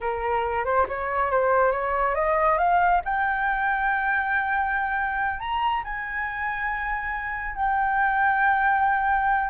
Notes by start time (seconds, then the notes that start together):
0.00 A#4
0.64 C5
0.88 C#5
1.31 C5
1.71 C#5
2.15 D#5
2.58 F5
3.04 G5
5.39 A#5
5.84 G#5
7.55 G5